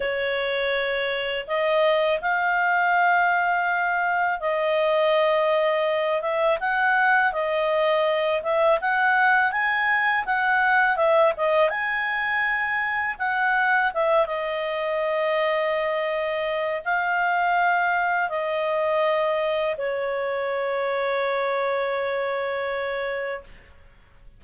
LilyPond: \new Staff \with { instrumentName = "clarinet" } { \time 4/4 \tempo 4 = 82 cis''2 dis''4 f''4~ | f''2 dis''2~ | dis''8 e''8 fis''4 dis''4. e''8 | fis''4 gis''4 fis''4 e''8 dis''8 |
gis''2 fis''4 e''8 dis''8~ | dis''2. f''4~ | f''4 dis''2 cis''4~ | cis''1 | }